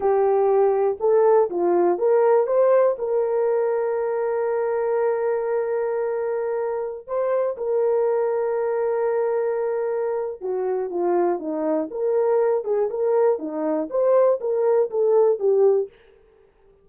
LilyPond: \new Staff \with { instrumentName = "horn" } { \time 4/4 \tempo 4 = 121 g'2 a'4 f'4 | ais'4 c''4 ais'2~ | ais'1~ | ais'2~ ais'16 c''4 ais'8.~ |
ais'1~ | ais'4 fis'4 f'4 dis'4 | ais'4. gis'8 ais'4 dis'4 | c''4 ais'4 a'4 g'4 | }